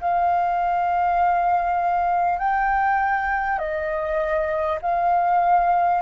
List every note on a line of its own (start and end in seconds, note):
0.00 2.38 F5
2.38 3.58 G5
3.58 4.78 D#5
4.82 6.01 F5